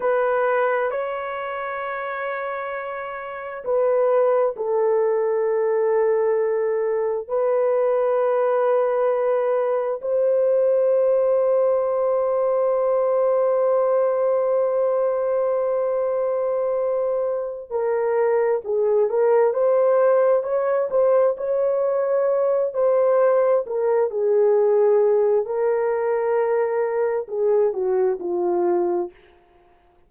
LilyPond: \new Staff \with { instrumentName = "horn" } { \time 4/4 \tempo 4 = 66 b'4 cis''2. | b'4 a'2. | b'2. c''4~ | c''1~ |
c''2.~ c''8 ais'8~ | ais'8 gis'8 ais'8 c''4 cis''8 c''8 cis''8~ | cis''4 c''4 ais'8 gis'4. | ais'2 gis'8 fis'8 f'4 | }